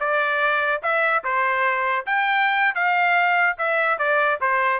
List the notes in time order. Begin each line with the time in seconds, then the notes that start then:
0.00 D5
0.82 E5
1.24 C5
2.06 G5
2.75 F5
3.58 E5
3.99 D5
4.41 C5